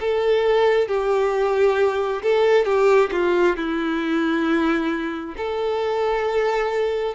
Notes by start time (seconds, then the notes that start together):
0.00 A4
0.88 G4
2.22 A4
2.65 G4
3.11 F4
3.56 E4
5.37 A4